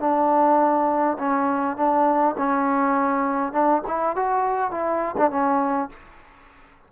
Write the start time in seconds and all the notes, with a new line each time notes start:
0.00 D4
1.19 C#4
1.77 D4
2.38 C#4
3.53 D4
3.88 E4
4.16 F#4
4.71 E4
5.18 D4
5.31 C#4